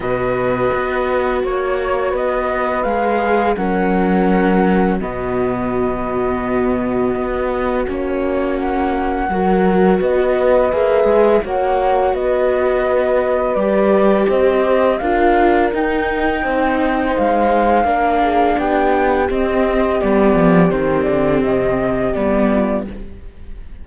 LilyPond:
<<
  \new Staff \with { instrumentName = "flute" } { \time 4/4 \tempo 4 = 84 dis''2 cis''4 dis''4 | f''4 fis''2 dis''4~ | dis''2. cis''4 | fis''2 dis''4 e''4 |
fis''4 dis''2 d''4 | dis''4 f''4 g''2 | f''2 g''4 dis''4 | d''4 c''8 d''8 dis''4 d''4 | }
  \new Staff \with { instrumentName = "horn" } { \time 4/4 b'2 cis''4 b'4~ | b'4 ais'2 fis'4~ | fis'1~ | fis'4 ais'4 b'2 |
cis''4 b'2. | c''4 ais'2 c''4~ | c''4 ais'8 gis'8 g'2~ | g'2.~ g'8 f'8 | }
  \new Staff \with { instrumentName = "viola" } { \time 4/4 fis'1 | gis'4 cis'2 b4~ | b2. cis'4~ | cis'4 fis'2 gis'4 |
fis'2. g'4~ | g'4 f'4 dis'2~ | dis'4 d'2 c'4 | b4 c'2 b4 | }
  \new Staff \with { instrumentName = "cello" } { \time 4/4 b,4 b4 ais4 b4 | gis4 fis2 b,4~ | b,2 b4 ais4~ | ais4 fis4 b4 ais8 gis8 |
ais4 b2 g4 | c'4 d'4 dis'4 c'4 | gis4 ais4 b4 c'4 | g8 f8 dis8 d8 c4 g4 | }
>>